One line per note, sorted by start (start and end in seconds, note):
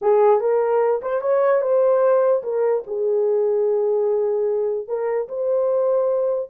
0.01 0.40 G#4
0.40 1.01 A#4
1.02 1.21 C5
1.21 1.61 C#5
1.61 2.42 C5
2.43 2.83 A#4
2.86 4.87 G#4
4.87 5.28 A#4
5.28 6.49 C5